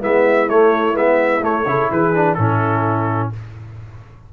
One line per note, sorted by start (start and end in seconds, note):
0.00 0.49 G#3
0.00 0.47 B3
0.00 1.65 E4
0.00 0.49 E5
0.49 0.94 A3
0.49 0.96 C#5
0.94 1.41 G#3
0.94 1.41 B3
0.94 1.44 E5
1.42 1.66 A3
1.42 1.91 C#5
1.66 1.89 C#3
1.66 2.14 E4
1.66 1.90 A4
1.90 2.37 E3
1.90 2.37 G#4
1.90 2.34 B4
2.14 2.38 D4
2.34 3.32 A2
2.34 3.32 C#4
2.34 3.32 E4
2.34 3.29 A4